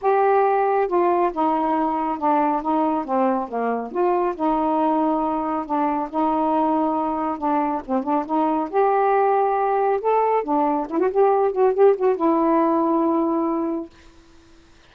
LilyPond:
\new Staff \with { instrumentName = "saxophone" } { \time 4/4 \tempo 4 = 138 g'2 f'4 dis'4~ | dis'4 d'4 dis'4 c'4 | ais4 f'4 dis'2~ | dis'4 d'4 dis'2~ |
dis'4 d'4 c'8 d'8 dis'4 | g'2. a'4 | d'4 e'16 fis'16 g'4 fis'8 g'8 fis'8 | e'1 | }